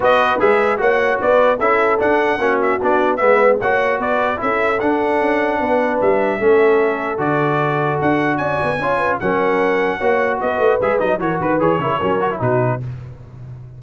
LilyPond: <<
  \new Staff \with { instrumentName = "trumpet" } { \time 4/4 \tempo 4 = 150 dis''4 e''4 fis''4 d''4 | e''4 fis''4. e''8 d''4 | e''4 fis''4 d''4 e''4 | fis''2. e''4~ |
e''2 d''2 | fis''4 gis''2 fis''4~ | fis''2 dis''4 e''8 dis''8 | cis''8 b'8 cis''2 b'4 | }
  \new Staff \with { instrumentName = "horn" } { \time 4/4 b'2 cis''4 b'4 | a'2 fis'2 | b'4 cis''4 b'4 a'4~ | a'2 b'2 |
a'1~ | a'4 d''4 cis''8 b'8 ais'4~ | ais'4 cis''4 b'2 | ais'8 b'4 ais'16 gis'16 ais'4 fis'4 | }
  \new Staff \with { instrumentName = "trombone" } { \time 4/4 fis'4 gis'4 fis'2 | e'4 d'4 cis'4 d'4 | b4 fis'2 e'4 | d'1 |
cis'2 fis'2~ | fis'2 f'4 cis'4~ | cis'4 fis'2 gis'8 dis'8 | fis'4 gis'8 e'8 cis'8 fis'16 e'16 dis'4 | }
  \new Staff \with { instrumentName = "tuba" } { \time 4/4 b4 gis4 ais4 b4 | cis'4 d'4 ais4 b4 | gis4 ais4 b4 cis'4 | d'4 cis'4 b4 g4 |
a2 d2 | d'4 cis'8 b8 cis'4 fis4~ | fis4 ais4 b8 a8 gis8 fis8 | e8 dis8 e8 cis8 fis4 b,4 | }
>>